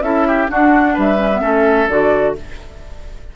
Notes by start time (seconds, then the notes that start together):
0.00 C#4 E4 A4 E5
0.27 G4
0.47 D4 F#4 F#5
0.94 G3 B4 E5
1.17 C#4
1.33 B3
1.41 A3 C#4 A4
1.89 D3 F#4 D5